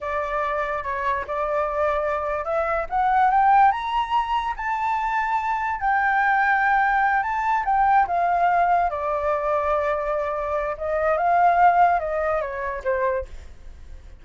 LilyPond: \new Staff \with { instrumentName = "flute" } { \time 4/4 \tempo 4 = 145 d''2 cis''4 d''4~ | d''2 e''4 fis''4 | g''4 ais''2 a''4~ | a''2 g''2~ |
g''4. a''4 g''4 f''8~ | f''4. d''2~ d''8~ | d''2 dis''4 f''4~ | f''4 dis''4 cis''4 c''4 | }